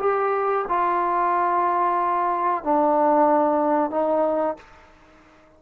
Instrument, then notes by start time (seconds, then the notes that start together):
trombone
0.00 G4
0.69 F4
2.64 D4
3.91 D#4